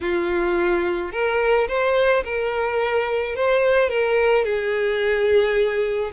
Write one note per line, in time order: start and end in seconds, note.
0.01 1.12 F4
1.12 1.67 A#4
1.67 2.23 C5
2.24 3.35 A#4
3.35 3.89 C5
3.89 4.44 A#4
4.44 6.11 G#4